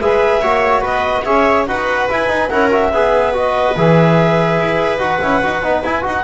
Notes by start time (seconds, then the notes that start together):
0.00 G#3 G#4 B4 E5
0.41 A#3 F#4 C#5
0.81 B3 B4 D#5
1.24 C#4 G#4 C#5 E5
1.67 D#4 F#4 B4 F#5
2.09 E4 G#5
2.28 D#4
2.49 C#4 E4 A#4 F#5
2.71 F#4 E5
2.92 B3 G#4 B4
3.33 F#4 D#5
3.76 E3 G#4 E5
4.60 E4
4.98 D#4 F#4 F#5
5.21 C#4 E4
5.42 D#4 F#4
5.62 B3 D#4
5.83 E4 G#5
6.02 D#4 F#4 F#5